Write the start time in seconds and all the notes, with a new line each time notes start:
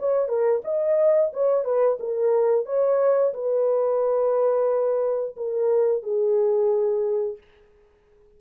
0.00 C#5
0.29 A#4
0.65 D#5
1.34 C#5
1.65 B4
2.00 A#4
2.66 C#5
3.34 B4
5.37 A#4
6.03 G#4